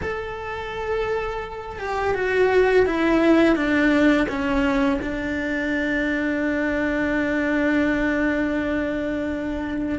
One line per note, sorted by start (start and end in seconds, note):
0.02 1.79 A4
1.79 2.14 G4
2.14 2.86 F#4
2.86 3.55 E4
3.55 4.27 D4
4.28 5.00 C#4
5.01 9.98 D4